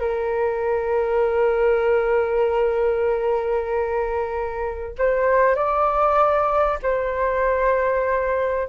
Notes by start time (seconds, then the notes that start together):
0.00 A#4
4.98 C5
5.55 D5
6.83 C5